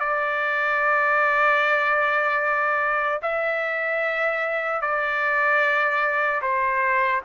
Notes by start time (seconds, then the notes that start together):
0.00 D5
3.22 E5
4.81 D5
6.42 C5